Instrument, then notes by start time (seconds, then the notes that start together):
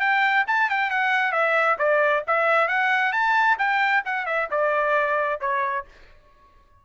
trumpet
0.00 G5
0.47 A5
0.70 G5
0.90 F#5
1.32 E5
1.79 D5
2.27 E5
2.68 F#5
3.13 A5
3.59 G5
4.05 F#5
4.26 E5
4.51 D5
5.40 C#5